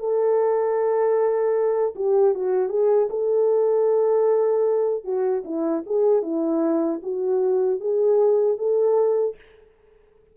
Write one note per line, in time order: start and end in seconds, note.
0.00 1.95 A4
1.96 2.35 G4
2.35 2.70 F#4
2.70 3.09 G#4
3.10 5.05 A4
5.05 5.44 F#4
5.45 5.84 E4
5.87 6.23 G#4
6.23 7.01 E4
7.03 7.81 F#4
7.81 8.59 G#4
8.59 9.36 A4